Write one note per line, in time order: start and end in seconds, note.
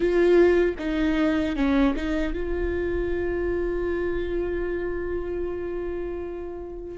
0.00 0.75 F4
0.78 1.55 D#4
1.55 1.94 C#4
1.96 2.33 D#4
2.33 6.97 F4